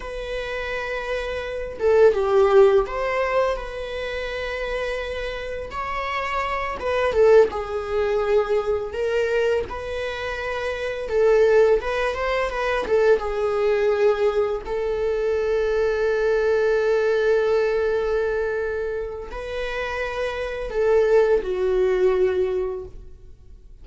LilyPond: \new Staff \with { instrumentName = "viola" } { \time 4/4 \tempo 4 = 84 b'2~ b'8 a'8 g'4 | c''4 b'2. | cis''4. b'8 a'8 gis'4.~ | gis'8 ais'4 b'2 a'8~ |
a'8 b'8 c''8 b'8 a'8 gis'4.~ | gis'8 a'2.~ a'8~ | a'2. b'4~ | b'4 a'4 fis'2 | }